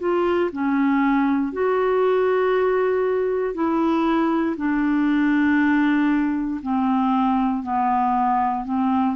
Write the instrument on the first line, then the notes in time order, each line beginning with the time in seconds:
clarinet
0.00 F4
0.53 C#4
1.53 F#4
3.55 E4
4.58 D4
6.62 C4
7.64 B3
8.65 C4